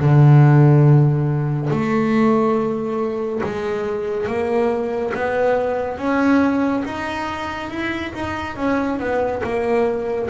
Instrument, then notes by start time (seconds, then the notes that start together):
double bass
0.00 D3
1.70 A3
3.44 G#3
4.27 A#3
5.14 B3
5.98 C#4
6.85 D#4
7.70 E4
8.15 D#4
8.57 C#4
9.00 B3
9.44 A#3